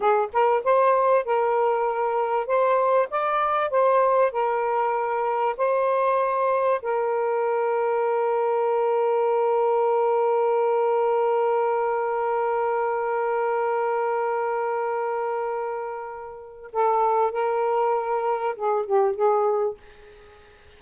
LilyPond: \new Staff \with { instrumentName = "saxophone" } { \time 4/4 \tempo 4 = 97 gis'8 ais'8 c''4 ais'2 | c''4 d''4 c''4 ais'4~ | ais'4 c''2 ais'4~ | ais'1~ |
ais'1~ | ais'1~ | ais'2. a'4 | ais'2 gis'8 g'8 gis'4 | }